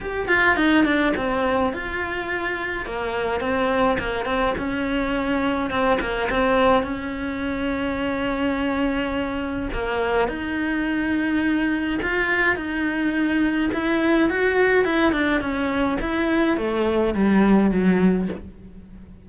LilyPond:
\new Staff \with { instrumentName = "cello" } { \time 4/4 \tempo 4 = 105 g'8 f'8 dis'8 d'8 c'4 f'4~ | f'4 ais4 c'4 ais8 c'8 | cis'2 c'8 ais8 c'4 | cis'1~ |
cis'4 ais4 dis'2~ | dis'4 f'4 dis'2 | e'4 fis'4 e'8 d'8 cis'4 | e'4 a4 g4 fis4 | }